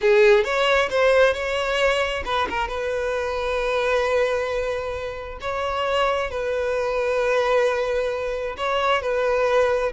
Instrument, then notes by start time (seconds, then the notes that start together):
violin
0.01 G#4
0.44 C#5
0.90 C5
1.33 C#5
2.25 B4
2.49 A#4
2.68 B4
5.41 C#5
6.30 B4
8.57 C#5
9.02 B4